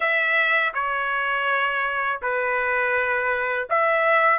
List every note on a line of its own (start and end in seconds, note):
0.00 0.73 E5
0.74 2.20 C#5
2.22 3.68 B4
3.69 4.39 E5